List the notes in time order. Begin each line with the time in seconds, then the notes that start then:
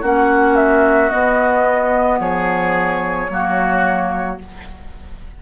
0.00 A#3 C#4 F#4 F#5
0.55 E5
1.09 B3 D#5
2.19 F3 G#4 C#5
3.29 F#3 A#3 F#4